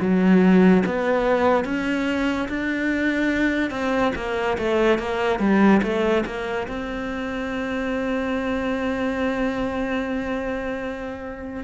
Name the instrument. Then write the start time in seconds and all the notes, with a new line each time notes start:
cello
0.00 F#3
0.86 B3
1.64 C#4
2.48 D4
3.70 C4
4.16 A#3
4.58 A3
4.98 A#3
5.39 G3
5.83 A3
6.26 A#3
6.68 C4